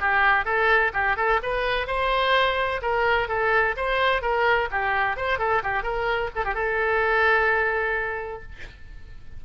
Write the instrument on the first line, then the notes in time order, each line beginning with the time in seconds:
oboe
0.00 G4
0.45 A4
0.94 G4
1.17 A4
1.43 B4
1.87 C5
2.82 A#4
3.29 A4
3.77 C5
4.22 A#4
4.71 G4
5.17 C5
5.39 A4
5.63 G4
5.83 A#4
6.35 A4
6.45 G4
6.55 A4